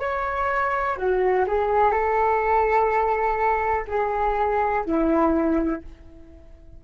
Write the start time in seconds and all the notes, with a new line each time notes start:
0.00 C#5
0.97 F#4
1.48 G#4
1.92 A4
3.88 G#4
4.86 E4